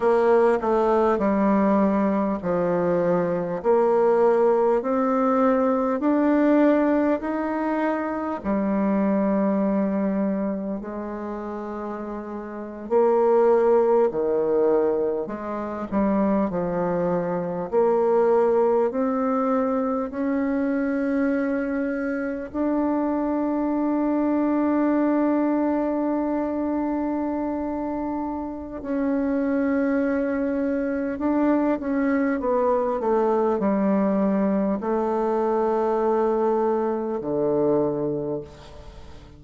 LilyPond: \new Staff \with { instrumentName = "bassoon" } { \time 4/4 \tempo 4 = 50 ais8 a8 g4 f4 ais4 | c'4 d'4 dis'4 g4~ | g4 gis4.~ gis16 ais4 dis16~ | dis8. gis8 g8 f4 ais4 c'16~ |
c'8. cis'2 d'4~ d'16~ | d'1 | cis'2 d'8 cis'8 b8 a8 | g4 a2 d4 | }